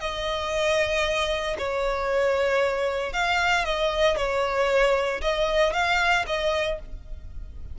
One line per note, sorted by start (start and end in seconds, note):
0.00 1.57 D#5
1.58 3.13 C#5
3.13 3.65 F5
3.65 4.17 D#5
4.17 5.21 C#5
5.21 5.73 D#5
5.73 6.25 F5
6.27 6.79 D#5